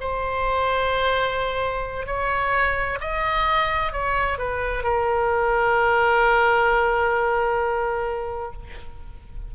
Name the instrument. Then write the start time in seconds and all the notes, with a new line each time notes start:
oboe
0.00 C5
2.06 C#5
3.00 D#5
3.92 C#5
4.38 B4
4.83 A#4